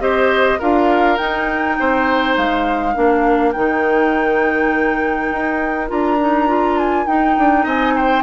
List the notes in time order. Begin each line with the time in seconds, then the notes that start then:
0.00 C4 G4 C5 D#5
0.59 D4 F4 A#4 F5
1.17 D#4 G5
1.80 C4 C5
2.36 G#3 F5
2.94 A#3 D4 A#4
3.52 D#3 D#4 G5
5.31 D#4
5.88 D4 F4 A#5
6.20 D#4
6.47 F4
6.78 G#5
7.06 D#4 G5
7.38 D4
7.64 C4 D#5 G#5
7.96 C5 G5